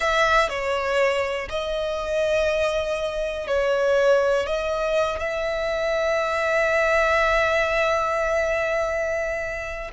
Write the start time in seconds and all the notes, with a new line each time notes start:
0.00 E5
0.49 C#5
1.49 D#5
3.47 C#5
4.46 D#5
5.19 E5